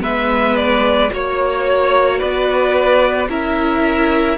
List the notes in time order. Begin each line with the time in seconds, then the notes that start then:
0.00 G#3 B3 B4 E5
0.56 D5
1.11 A#3 F#4 C#5
2.19 B3 B4 D5
3.28 C#4 E4 A#4 E5